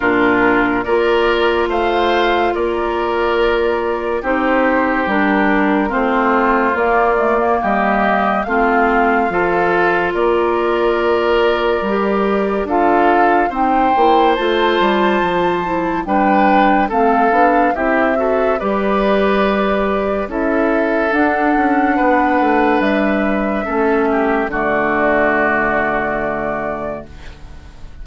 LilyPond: <<
  \new Staff \with { instrumentName = "flute" } { \time 4/4 \tempo 4 = 71 ais'4 d''4 f''4 d''4~ | d''4 c''4 ais'4 c''4 | d''4 dis''4 f''2 | d''2. f''4 |
g''4 a''2 g''4 | f''4 e''4 d''2 | e''4 fis''2 e''4~ | e''4 d''2. | }
  \new Staff \with { instrumentName = "oboe" } { \time 4/4 f'4 ais'4 c''4 ais'4~ | ais'4 g'2 f'4~ | f'4 g'4 f'4 a'4 | ais'2. a'4 |
c''2. b'4 | a'4 g'8 a'8 b'2 | a'2 b'2 | a'8 g'8 fis'2. | }
  \new Staff \with { instrumentName = "clarinet" } { \time 4/4 d'4 f'2.~ | f'4 dis'4 d'4 c'4 | ais8 a16 ais4~ ais16 c'4 f'4~ | f'2 g'4 f'4 |
dis'8 e'8 f'4. e'8 d'4 | c'8 d'8 e'8 fis'8 g'2 | e'4 d'2. | cis'4 a2. | }
  \new Staff \with { instrumentName = "bassoon" } { \time 4/4 ais,4 ais4 a4 ais4~ | ais4 c'4 g4 a4 | ais4 g4 a4 f4 | ais2 g4 d'4 |
c'8 ais8 a8 g8 f4 g4 | a8 b8 c'4 g2 | cis'4 d'8 cis'8 b8 a8 g4 | a4 d2. | }
>>